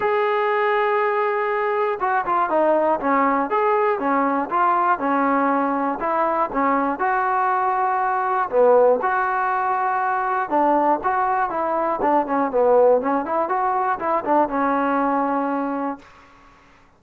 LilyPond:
\new Staff \with { instrumentName = "trombone" } { \time 4/4 \tempo 4 = 120 gis'1 | fis'8 f'8 dis'4 cis'4 gis'4 | cis'4 f'4 cis'2 | e'4 cis'4 fis'2~ |
fis'4 b4 fis'2~ | fis'4 d'4 fis'4 e'4 | d'8 cis'8 b4 cis'8 e'8 fis'4 | e'8 d'8 cis'2. | }